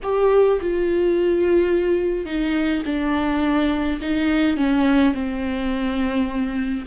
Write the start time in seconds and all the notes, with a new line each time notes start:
0.02 G4
0.60 F4
2.25 D#4
2.85 D4
4.01 D#4
4.56 C#4
5.14 C4